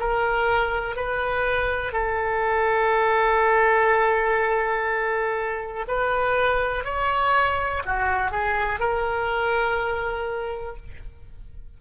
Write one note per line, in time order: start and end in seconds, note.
0.00 0.97 A#4
0.97 1.93 B4
1.93 5.86 A4
5.88 6.85 B4
6.85 7.83 C#5
7.86 8.32 F#4
8.32 8.80 G#4
8.80 10.77 A#4